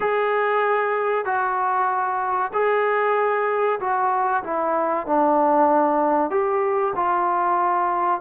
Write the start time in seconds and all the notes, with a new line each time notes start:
0.00 G#4
1.25 F#4
2.53 G#4
3.80 F#4
4.43 E4
5.06 D4
6.30 G4
6.95 F4